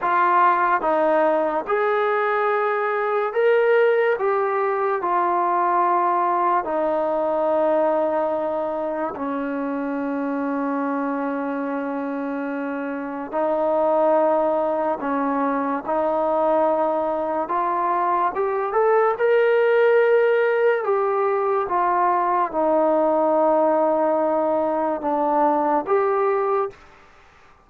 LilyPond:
\new Staff \with { instrumentName = "trombone" } { \time 4/4 \tempo 4 = 72 f'4 dis'4 gis'2 | ais'4 g'4 f'2 | dis'2. cis'4~ | cis'1 |
dis'2 cis'4 dis'4~ | dis'4 f'4 g'8 a'8 ais'4~ | ais'4 g'4 f'4 dis'4~ | dis'2 d'4 g'4 | }